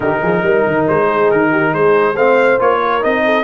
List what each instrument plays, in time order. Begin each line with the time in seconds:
0.00 tuba D#3, trombone D#4, horn G4, trumpet A#4
0.22 tuba F3, horn G#4
0.42 tuba G3, horn A#4
0.66 tuba D#3
0.88 tuba G#3, trumpet C5
1.06 horn G#4
1.30 tuba D#3, trumpet A#4
1.51 horn G4
1.73 tuba G#3, horn G#4, trumpet C5
2.13 tuba A3, trombone C4, horn C5, trumpet F5
2.59 tuba A#3, trombone F4, trumpet C#5
2.80 horn A#4
3.01 tuba C4, trombone D#4, trumpet D#5
3.25 horn A4